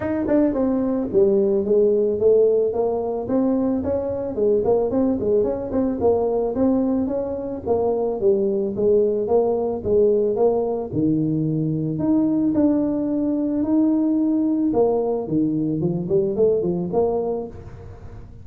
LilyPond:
\new Staff \with { instrumentName = "tuba" } { \time 4/4 \tempo 4 = 110 dis'8 d'8 c'4 g4 gis4 | a4 ais4 c'4 cis'4 | gis8 ais8 c'8 gis8 cis'8 c'8 ais4 | c'4 cis'4 ais4 g4 |
gis4 ais4 gis4 ais4 | dis2 dis'4 d'4~ | d'4 dis'2 ais4 | dis4 f8 g8 a8 f8 ais4 | }